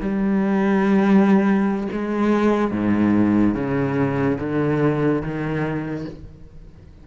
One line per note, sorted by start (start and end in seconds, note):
0.00 1.87 G3
1.92 2.71 G#3
2.71 3.54 G#2
3.54 4.37 C#3
4.39 5.22 D3
5.22 6.05 D#3